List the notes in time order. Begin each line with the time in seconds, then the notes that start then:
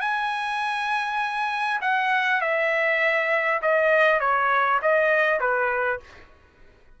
0.00 G#5
1.81 F#5
2.41 E5
3.62 D#5
4.20 C#5
4.82 D#5
5.39 B4